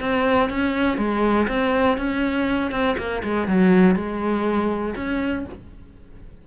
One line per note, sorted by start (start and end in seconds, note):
0.00 0.50 C4
0.50 0.98 C#4
0.98 1.47 G#3
1.48 1.97 C4
1.98 2.71 C#4
2.71 2.96 C4
2.98 3.23 A#3
3.24 3.48 G#3
3.48 3.96 F#3
3.96 4.95 G#3
4.96 5.45 C#4